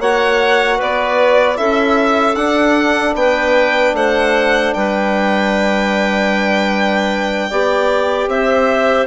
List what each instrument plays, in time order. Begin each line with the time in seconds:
0.00 bassoon A#3, trombone F#4, clarinet C#5, violin F#5
0.78 bassoon B3, clarinet B4, violin D5
1.56 bassoon C#4, trombone E4, clarinet A4, violin E5
2.35 bassoon D4, trombone D4, violin F#5
3.15 bassoon B3, clarinet B4, violin G5
3.94 bassoon A3, clarinet C5, violin F#5
4.74 bassoon G3, clarinet B4, violin G5
7.50 bassoon B3, trombone G4, clarinet D5
8.28 bassoon C4, clarinet C5, violin E5